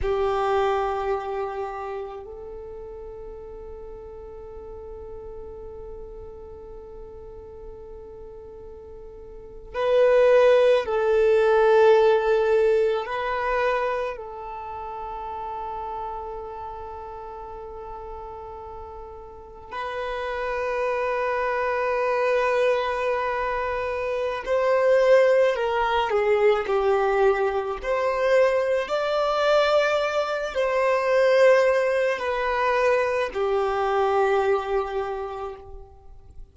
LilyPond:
\new Staff \with { instrumentName = "violin" } { \time 4/4 \tempo 4 = 54 g'2 a'2~ | a'1~ | a'8. b'4 a'2 b'16~ | b'8. a'2.~ a'16~ |
a'4.~ a'16 b'2~ b'16~ | b'2 c''4 ais'8 gis'8 | g'4 c''4 d''4. c''8~ | c''4 b'4 g'2 | }